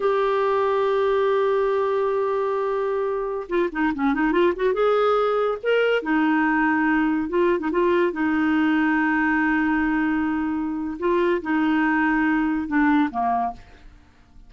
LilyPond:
\new Staff \with { instrumentName = "clarinet" } { \time 4/4 \tempo 4 = 142 g'1~ | g'1~ | g'16 f'8 dis'8 cis'8 dis'8 f'8 fis'8 gis'8.~ | gis'4~ gis'16 ais'4 dis'4.~ dis'16~ |
dis'4~ dis'16 f'8. dis'16 f'4 dis'8.~ | dis'1~ | dis'2 f'4 dis'4~ | dis'2 d'4 ais4 | }